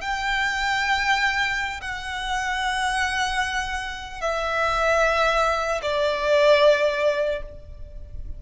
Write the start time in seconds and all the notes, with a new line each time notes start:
0.00 G5
1.81 F#5
4.21 E5
5.82 D5